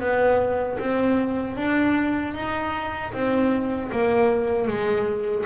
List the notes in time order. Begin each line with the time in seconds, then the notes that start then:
0.00 B3
0.79 C4
1.57 D4
2.34 D#4
3.13 C4
3.92 A#3
4.68 G#3